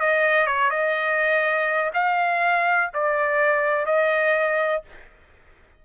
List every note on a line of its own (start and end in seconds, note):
0.00 0.47 D#5
0.47 0.70 C#5
0.70 1.91 D#5
1.94 2.91 F5
2.94 3.86 D5
3.86 4.83 D#5